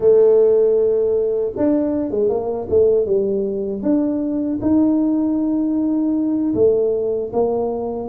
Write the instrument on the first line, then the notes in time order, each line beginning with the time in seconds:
tuba
0.00 A3
1.56 D4
2.10 G#3
2.29 A#3
2.69 A3
3.06 G3
3.82 D4
4.62 D#4
6.54 A3
7.32 A#3